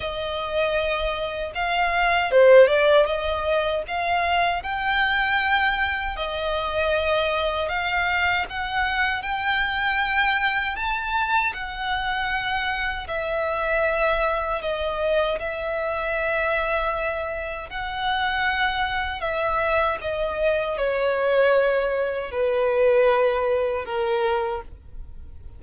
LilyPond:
\new Staff \with { instrumentName = "violin" } { \time 4/4 \tempo 4 = 78 dis''2 f''4 c''8 d''8 | dis''4 f''4 g''2 | dis''2 f''4 fis''4 | g''2 a''4 fis''4~ |
fis''4 e''2 dis''4 | e''2. fis''4~ | fis''4 e''4 dis''4 cis''4~ | cis''4 b'2 ais'4 | }